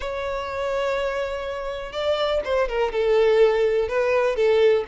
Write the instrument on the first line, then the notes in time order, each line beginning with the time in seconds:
violin
0.00 C#5
1.92 D5
2.44 C5
2.68 A#4
2.92 A4
3.88 B4
4.36 A4